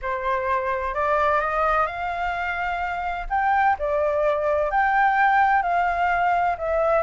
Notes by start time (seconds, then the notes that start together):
0.02 C5
0.94 D5
1.40 D#5
1.86 F5
3.29 G5
3.79 D5
4.70 G5
5.62 F5
6.58 E5